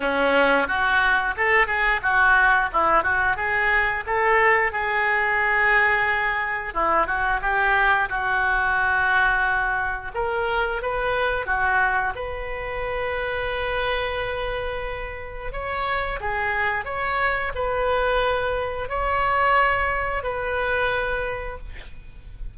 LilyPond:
\new Staff \with { instrumentName = "oboe" } { \time 4/4 \tempo 4 = 89 cis'4 fis'4 a'8 gis'8 fis'4 | e'8 fis'8 gis'4 a'4 gis'4~ | gis'2 e'8 fis'8 g'4 | fis'2. ais'4 |
b'4 fis'4 b'2~ | b'2. cis''4 | gis'4 cis''4 b'2 | cis''2 b'2 | }